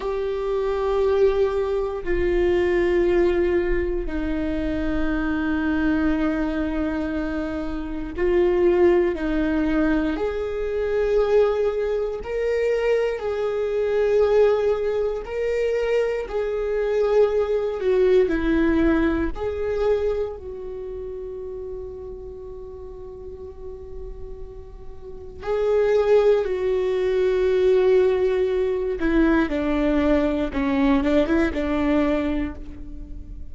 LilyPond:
\new Staff \with { instrumentName = "viola" } { \time 4/4 \tempo 4 = 59 g'2 f'2 | dis'1 | f'4 dis'4 gis'2 | ais'4 gis'2 ais'4 |
gis'4. fis'8 e'4 gis'4 | fis'1~ | fis'4 gis'4 fis'2~ | fis'8 e'8 d'4 cis'8 d'16 e'16 d'4 | }